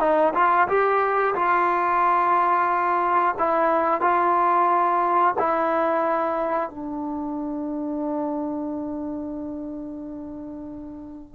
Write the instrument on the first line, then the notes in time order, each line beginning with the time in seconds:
trombone
0.00 D#4
0.34 F4
0.68 G4
1.35 F4
3.38 E4
4.01 F4
5.39 E4
6.70 D4